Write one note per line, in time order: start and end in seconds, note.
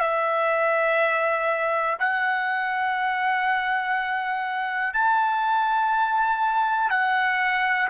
0.00 1.97 E5
1.99 4.94 F#5
4.94 6.90 A5
6.90 7.88 F#5